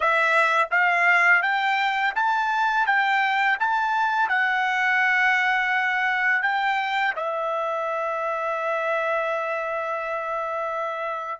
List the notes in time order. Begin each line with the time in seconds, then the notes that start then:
0.00 E5
0.70 F5
1.42 G5
2.15 A5
2.86 G5
3.59 A5
4.29 F#5
6.42 G5
7.16 E5